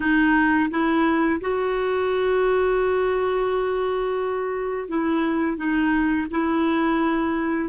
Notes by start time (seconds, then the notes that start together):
0.00 D#4
0.70 E4
1.40 F#4
4.88 E4
5.57 D#4
6.30 E4